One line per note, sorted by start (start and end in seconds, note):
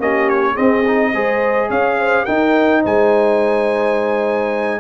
0.00 0.57 A#3
0.00 0.55 C#4
0.00 0.53 G4
0.00 0.29 D#5
0.29 0.57 C#5
0.53 0.84 C4
0.53 1.14 C4
0.53 1.09 G#4
0.53 1.70 D#5
0.87 1.14 D#4
1.14 1.70 G#3
1.14 2.28 G#4
1.14 1.69 C5
1.69 2.27 C#4
1.69 1.97 C#5
1.69 2.26 F5
1.99 2.25 C5
2.25 4.80 D#4
2.25 2.85 D#4
2.25 2.82 A#4
2.25 2.82 G5
2.82 4.80 G#3
2.82 4.80 C5
2.82 4.80 G#5